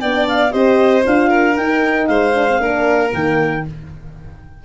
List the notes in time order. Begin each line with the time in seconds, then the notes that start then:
0.00 B3 D4 D5 G5
0.28 F5
0.51 C4 G4 C5 D#5
1.03 D4 F4 F5
1.28 A#4
1.56 D#4 G5
2.06 G#3 C5 F5
2.34 D4
2.48 C4
2.59 A#3 D4 A#4
3.09 D#3 A#3 G5